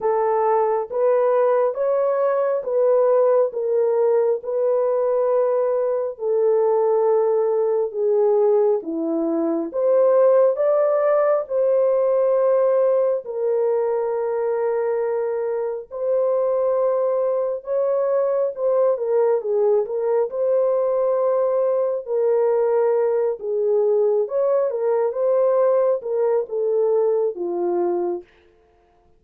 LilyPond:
\new Staff \with { instrumentName = "horn" } { \time 4/4 \tempo 4 = 68 a'4 b'4 cis''4 b'4 | ais'4 b'2 a'4~ | a'4 gis'4 e'4 c''4 | d''4 c''2 ais'4~ |
ais'2 c''2 | cis''4 c''8 ais'8 gis'8 ais'8 c''4~ | c''4 ais'4. gis'4 cis''8 | ais'8 c''4 ais'8 a'4 f'4 | }